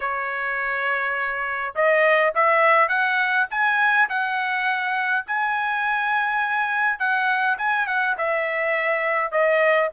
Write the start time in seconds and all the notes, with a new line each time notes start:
0.00 C#5
1.75 D#5
2.34 E5
2.88 F#5
3.50 G#5
4.09 F#5
5.26 G#5
6.99 F#5
7.58 G#5
7.86 F#5
8.17 E5
9.31 D#5